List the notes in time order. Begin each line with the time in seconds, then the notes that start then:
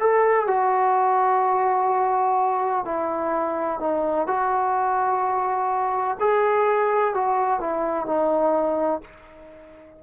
0.00 A4
0.47 F#4
2.85 E4
3.80 D#4
4.27 F#4
6.20 G#4
7.14 F#4
7.60 E4
8.06 D#4